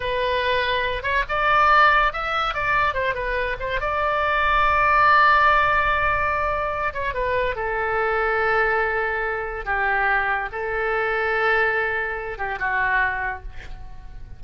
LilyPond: \new Staff \with { instrumentName = "oboe" } { \time 4/4 \tempo 4 = 143 b'2~ b'8 cis''8 d''4~ | d''4 e''4 d''4 c''8 b'8~ | b'8 c''8 d''2.~ | d''1~ |
d''8 cis''8 b'4 a'2~ | a'2. g'4~ | g'4 a'2.~ | a'4. g'8 fis'2 | }